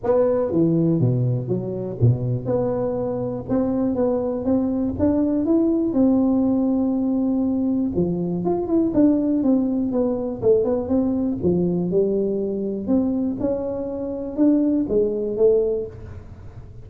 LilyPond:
\new Staff \with { instrumentName = "tuba" } { \time 4/4 \tempo 4 = 121 b4 e4 b,4 fis4 | b,4 b2 c'4 | b4 c'4 d'4 e'4 | c'1 |
f4 f'8 e'8 d'4 c'4 | b4 a8 b8 c'4 f4 | g2 c'4 cis'4~ | cis'4 d'4 gis4 a4 | }